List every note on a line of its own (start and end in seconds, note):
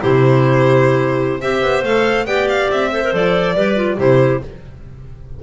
0.00 1.42 C3
0.00 1.41 E4
0.00 1.40 G4
0.00 1.41 C5
1.40 1.62 C4
1.40 1.84 G4
1.40 2.26 C5
1.40 1.84 E5
1.62 1.83 B3
1.83 2.25 A3
1.83 2.26 A4
1.83 2.26 F5
2.25 2.68 B3
2.25 2.91 G4
2.25 2.90 D5
2.25 2.48 G5
2.48 2.70 F5
2.70 3.13 C4
2.70 3.14 E5
2.90 3.02 A4
2.90 3.55 C5
3.03 3.12 A#4
3.12 3.54 F3
3.12 3.55 A4
3.12 4.00 D5
3.54 3.98 G3
3.54 3.76 G4
3.54 3.97 B4
3.76 3.97 F4
3.97 4.41 C3
3.97 4.41 E4
3.97 4.40 G4
3.97 4.43 C5